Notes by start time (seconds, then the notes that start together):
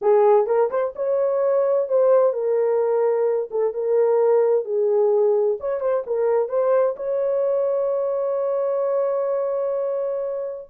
0.01 G#4
0.46 A#4
0.70 C5
0.95 C#5
1.88 C5
2.33 A#4
3.51 A4
3.73 A#4
4.64 G#4
5.60 C#5
5.80 C5
6.06 A#4
6.49 C5
6.96 C#5